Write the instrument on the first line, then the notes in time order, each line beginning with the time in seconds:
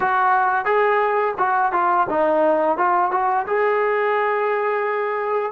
trombone
0.00 F#4
0.65 G#4
1.38 F#4
1.72 F4
2.09 D#4
2.77 F4
3.11 F#4
3.46 G#4